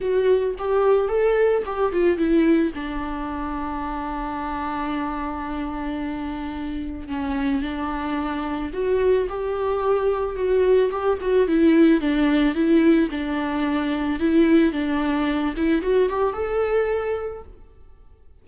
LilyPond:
\new Staff \with { instrumentName = "viola" } { \time 4/4 \tempo 4 = 110 fis'4 g'4 a'4 g'8 f'8 | e'4 d'2.~ | d'1~ | d'4 cis'4 d'2 |
fis'4 g'2 fis'4 | g'8 fis'8 e'4 d'4 e'4 | d'2 e'4 d'4~ | d'8 e'8 fis'8 g'8 a'2 | }